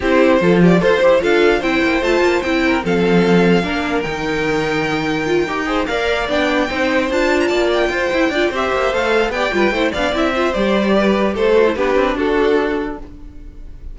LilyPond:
<<
  \new Staff \with { instrumentName = "violin" } { \time 4/4 \tempo 4 = 148 c''4. d''8 c''4 f''4 | g''4 a''4 g''4 f''4~ | f''2 g''2~ | g''2~ g''8 f''4 g''8~ |
g''4. a''8. ais''16 a''8 g''4~ | g''4 e''4 f''4 g''4~ | g''8 f''8 e''4 d''2 | c''4 b'4 a'2 | }
  \new Staff \with { instrumentName = "violin" } { \time 4/4 g'4 a'8 g'8 c''4 a'4 | c''2~ c''8 ais'8 a'4~ | a'4 ais'2.~ | ais'2 c''8 d''4.~ |
d''8 c''2 d''4 c''8~ | c''8 d''8 c''2 d''8 b'8 | c''8 d''4 c''4. b'4 | a'4 g'4 fis'2 | }
  \new Staff \with { instrumentName = "viola" } { \time 4/4 e'4 f'4 a'8 g'8 f'4 | e'4 f'4 e'4 c'4~ | c'4 d'4 dis'2~ | dis'4 f'8 g'8 gis'8 ais'4 d'8~ |
d'8 dis'4 f'2~ f'8 | e'8 f'8 g'4 a'4 g'8 f'8 | e'8 d'8 e'8 f'8 g'2~ | g'8 fis'16 e'16 d'2. | }
  \new Staff \with { instrumentName = "cello" } { \time 4/4 c'4 f4 f'8 e'8 d'4 | c'8 ais8 a8 ais8 c'4 f4~ | f4 ais4 dis2~ | dis4. dis'4 ais4 b8~ |
b8 c'4 d'4 ais4 f'8 | e'8 d'8 c'8 ais8 a4 b8 g8 | a8 b8 c'4 g2 | a4 b8 c'8 d'2 | }
>>